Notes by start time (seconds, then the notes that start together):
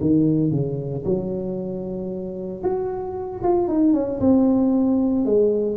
0.00 D#3
0.50 C#3
1.05 F#3
2.63 F#4
3.43 F4
3.68 D#4
3.93 C#4
4.20 C4
5.25 G#3